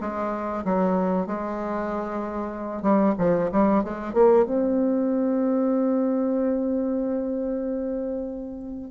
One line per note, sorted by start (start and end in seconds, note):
0.00 0.64 G#3
0.64 1.26 F#3
1.26 2.82 G#3
2.82 3.14 G3
3.18 3.50 F3
3.51 3.83 G3
3.83 4.13 G#3
4.13 4.45 A#3
4.45 8.91 C4